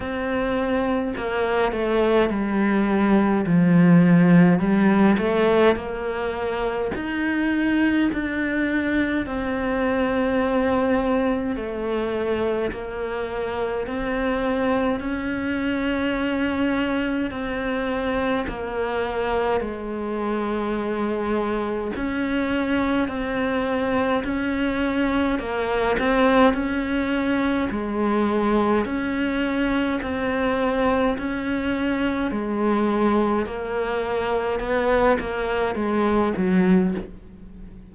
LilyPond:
\new Staff \with { instrumentName = "cello" } { \time 4/4 \tempo 4 = 52 c'4 ais8 a8 g4 f4 | g8 a8 ais4 dis'4 d'4 | c'2 a4 ais4 | c'4 cis'2 c'4 |
ais4 gis2 cis'4 | c'4 cis'4 ais8 c'8 cis'4 | gis4 cis'4 c'4 cis'4 | gis4 ais4 b8 ais8 gis8 fis8 | }